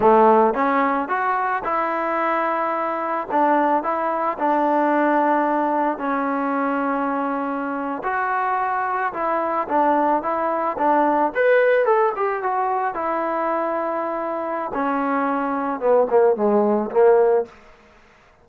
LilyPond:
\new Staff \with { instrumentName = "trombone" } { \time 4/4 \tempo 4 = 110 a4 cis'4 fis'4 e'4~ | e'2 d'4 e'4 | d'2. cis'4~ | cis'2~ cis'8. fis'4~ fis'16~ |
fis'8. e'4 d'4 e'4 d'16~ | d'8. b'4 a'8 g'8 fis'4 e'16~ | e'2. cis'4~ | cis'4 b8 ais8 gis4 ais4 | }